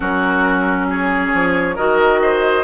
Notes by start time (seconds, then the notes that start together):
0.00 F#3 C#4 F#4 A#4
0.90 G#4 C#5
1.33 F3
1.75 D#3 F#4 A#4 D#5
2.22 C5